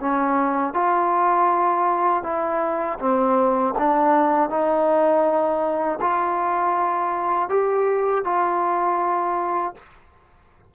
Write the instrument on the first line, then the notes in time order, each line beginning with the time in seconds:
trombone
0.00 C#4
0.73 F4
2.23 E4
2.99 C4
3.78 D4
4.49 D#4
6.00 F4
7.49 G4
8.24 F4